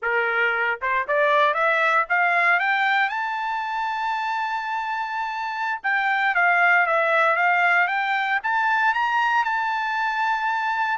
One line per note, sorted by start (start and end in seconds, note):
0.01 0.79 A#4
0.81 1.07 C5
1.07 1.54 D5
1.54 2.05 E5
2.09 2.59 F5
2.59 3.09 G5
3.09 5.80 A5
5.83 6.35 G5
6.35 6.86 F5
6.86 7.36 E5
7.36 7.87 F5
7.87 8.39 G5
8.43 8.94 A5
8.94 9.44 A#5
9.44 10.98 A5